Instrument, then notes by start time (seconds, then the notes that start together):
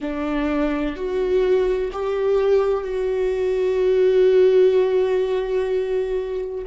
viola
0.00 D4
0.95 F#4
1.92 G4
2.83 F#4